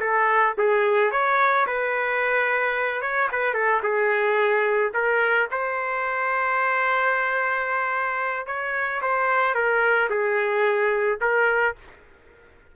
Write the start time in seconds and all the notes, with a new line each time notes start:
0.00 A4
0.58 G#4
1.11 C#5
1.67 B4
3.01 C#5
3.31 B4
3.54 A4
3.83 G#4
4.94 A#4
5.51 C5
8.47 C#5
9.01 C5
9.55 A#4
10.10 G#4
11.21 A#4